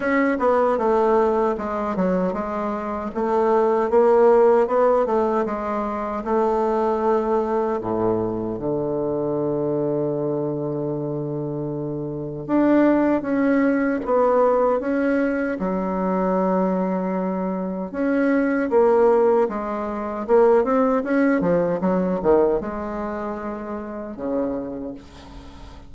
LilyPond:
\new Staff \with { instrumentName = "bassoon" } { \time 4/4 \tempo 4 = 77 cis'8 b8 a4 gis8 fis8 gis4 | a4 ais4 b8 a8 gis4 | a2 a,4 d4~ | d1 |
d'4 cis'4 b4 cis'4 | fis2. cis'4 | ais4 gis4 ais8 c'8 cis'8 f8 | fis8 dis8 gis2 cis4 | }